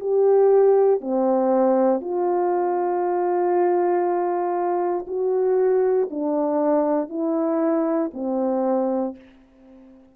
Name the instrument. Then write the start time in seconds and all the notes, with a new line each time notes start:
horn
0.00 G4
1.01 C4
2.01 F4
5.08 F#4
6.11 D4
7.09 E4
8.14 C4